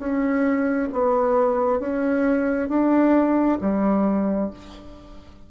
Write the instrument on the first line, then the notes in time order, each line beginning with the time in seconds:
bassoon
0.00 C#4
0.93 B3
1.80 C#4
2.69 D4
3.61 G3